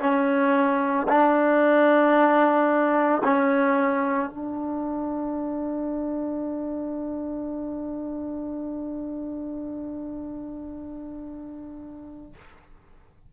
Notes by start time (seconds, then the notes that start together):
0.00 C#4
1.08 D4
3.24 C#4
4.30 D4